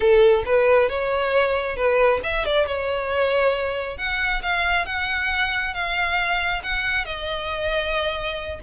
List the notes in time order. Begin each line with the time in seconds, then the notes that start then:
0.00 A4
0.45 B4
0.89 C#5
1.76 B4
2.23 E5
2.45 D5
2.66 C#5
3.97 F#5
4.42 F5
4.85 F#5
5.74 F5
6.63 F#5
7.05 D#5